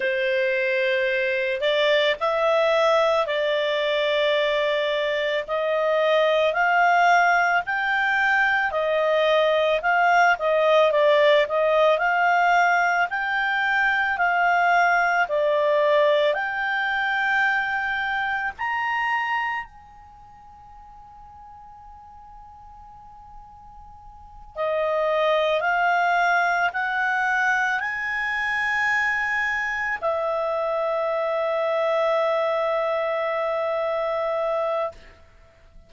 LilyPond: \new Staff \with { instrumentName = "clarinet" } { \time 4/4 \tempo 4 = 55 c''4. d''8 e''4 d''4~ | d''4 dis''4 f''4 g''4 | dis''4 f''8 dis''8 d''8 dis''8 f''4 | g''4 f''4 d''4 g''4~ |
g''4 ais''4 gis''2~ | gis''2~ gis''8 dis''4 f''8~ | f''8 fis''4 gis''2 e''8~ | e''1 | }